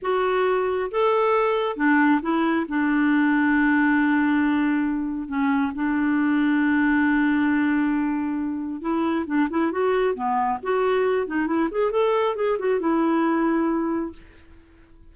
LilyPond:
\new Staff \with { instrumentName = "clarinet" } { \time 4/4 \tempo 4 = 136 fis'2 a'2 | d'4 e'4 d'2~ | d'1 | cis'4 d'2.~ |
d'1 | e'4 d'8 e'8 fis'4 b4 | fis'4. dis'8 e'8 gis'8 a'4 | gis'8 fis'8 e'2. | }